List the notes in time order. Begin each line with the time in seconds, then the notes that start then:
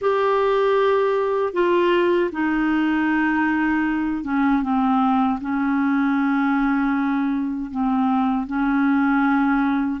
0.01 G4
1.53 F4
2.32 D#4
4.24 C#4
4.62 C4
5.41 C#4
7.71 C4
8.47 C#4